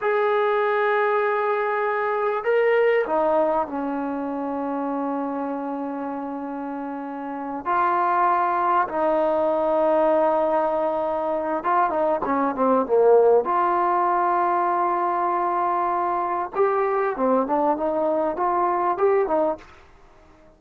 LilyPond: \new Staff \with { instrumentName = "trombone" } { \time 4/4 \tempo 4 = 98 gis'1 | ais'4 dis'4 cis'2~ | cis'1~ | cis'8 f'2 dis'4.~ |
dis'2. f'8 dis'8 | cis'8 c'8 ais4 f'2~ | f'2. g'4 | c'8 d'8 dis'4 f'4 g'8 dis'8 | }